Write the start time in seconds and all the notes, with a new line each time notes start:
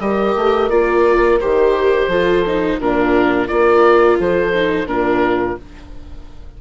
0.00 G3 G4 A#4 D#5
0.36 A3
0.70 A#3 F4 D5
1.40 D#3 G4 C5
2.08 F3 F4 A4
2.47 D#4
2.80 A#2 D4 F4 A#4
3.48 A#3 F4 A#4 D5
4.19 F3 A4 C5
4.55 D#4
4.86 A#2 D4 F4 A#4